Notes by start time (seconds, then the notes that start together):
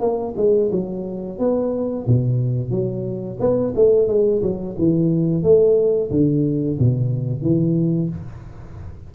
0.00 A#3
0.36 G#3
0.71 F#3
1.38 B3
2.07 B2
2.70 F#3
3.40 B3
3.75 A3
4.08 G#3
4.42 F#3
4.78 E3
5.43 A3
6.10 D3
6.79 B2
7.42 E3